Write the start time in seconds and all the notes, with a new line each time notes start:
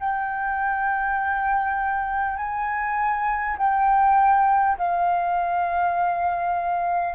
0.00 G5
2.37 G#5
3.58 G5
4.78 F5